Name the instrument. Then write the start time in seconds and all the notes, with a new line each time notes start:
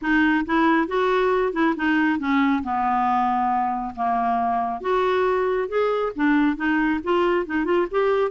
clarinet
0.01 D#4
0.45 E4
0.87 F#4
1.52 E4
1.76 D#4
2.19 C#4
2.63 B3
3.95 A#3
4.81 F#4
5.68 G#4
6.15 D4
6.56 D#4
7.03 F4
7.46 D#4
7.64 F4
7.91 G4